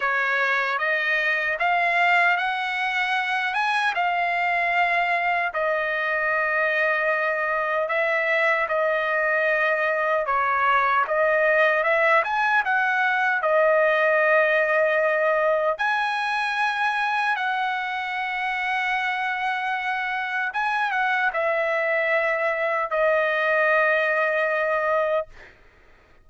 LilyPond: \new Staff \with { instrumentName = "trumpet" } { \time 4/4 \tempo 4 = 76 cis''4 dis''4 f''4 fis''4~ | fis''8 gis''8 f''2 dis''4~ | dis''2 e''4 dis''4~ | dis''4 cis''4 dis''4 e''8 gis''8 |
fis''4 dis''2. | gis''2 fis''2~ | fis''2 gis''8 fis''8 e''4~ | e''4 dis''2. | }